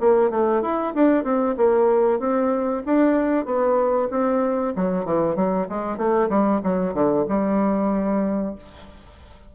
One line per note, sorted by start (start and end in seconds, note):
0.00 0.30 A#3
0.30 0.61 A3
0.62 0.93 E4
0.94 1.24 D4
1.24 1.55 C4
1.57 2.19 A#3
2.19 2.82 C4
2.85 3.45 D4
3.45 4.09 B3
4.10 4.73 C4
4.75 5.05 F#3
5.05 5.36 E3
5.36 5.67 F#3
5.69 5.97 G#3
5.97 6.29 A3
6.29 6.61 G3
6.63 6.94 F#3
6.94 7.25 D3
7.29 8.55 G3